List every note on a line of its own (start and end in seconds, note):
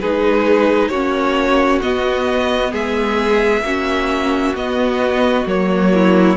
0.00 0.89 G#3
0.00 0.92 D#4
0.00 0.90 G#4
0.00 0.88 B4
0.88 1.80 A#3
0.88 1.82 C#4
0.88 2.71 F#4
0.88 1.79 C#5
1.82 3.63 B3
1.82 2.72 B3
1.82 2.73 D#5
2.71 3.61 G#3
2.71 3.62 G#4
2.71 4.55 E5
3.61 4.52 A#3
3.61 4.55 C#4
3.61 5.92 F#4
4.54 5.45 B3
4.54 5.46 B3
4.54 5.47 D#5
5.45 6.36 F#3
5.45 6.37 A#3
5.45 6.37 C#5
5.94 6.37 E4